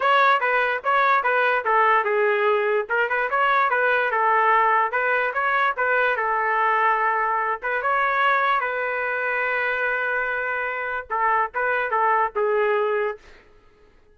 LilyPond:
\new Staff \with { instrumentName = "trumpet" } { \time 4/4 \tempo 4 = 146 cis''4 b'4 cis''4 b'4 | a'4 gis'2 ais'8 b'8 | cis''4 b'4 a'2 | b'4 cis''4 b'4 a'4~ |
a'2~ a'8 b'8 cis''4~ | cis''4 b'2.~ | b'2. a'4 | b'4 a'4 gis'2 | }